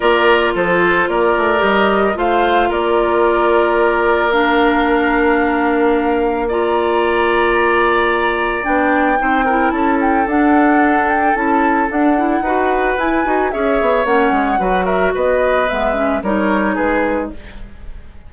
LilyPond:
<<
  \new Staff \with { instrumentName = "flute" } { \time 4/4 \tempo 4 = 111 d''4 c''4 d''4 dis''4 | f''4 d''2. | f''1 | ais''1 |
g''2 a''8 g''8 fis''4~ | fis''8 g''8 a''4 fis''2 | gis''4 e''4 fis''4. e''8 | dis''4 e''4 cis''4 b'4 | }
  \new Staff \with { instrumentName = "oboe" } { \time 4/4 ais'4 a'4 ais'2 | c''4 ais'2.~ | ais'1 | d''1~ |
d''4 c''8 ais'8 a'2~ | a'2. b'4~ | b'4 cis''2 b'8 ais'8 | b'2 ais'4 gis'4 | }
  \new Staff \with { instrumentName = "clarinet" } { \time 4/4 f'2. g'4 | f'1 | d'1 | f'1 |
d'4 dis'8 e'4. d'4~ | d'4 e'4 d'8 e'8 fis'4 | e'8 fis'8 gis'4 cis'4 fis'4~ | fis'4 b8 cis'8 dis'2 | }
  \new Staff \with { instrumentName = "bassoon" } { \time 4/4 ais4 f4 ais8 a8 g4 | a4 ais2.~ | ais1~ | ais1 |
b4 c'4 cis'4 d'4~ | d'4 cis'4 d'4 dis'4 | e'8 dis'8 cis'8 b8 ais8 gis8 fis4 | b4 gis4 g4 gis4 | }
>>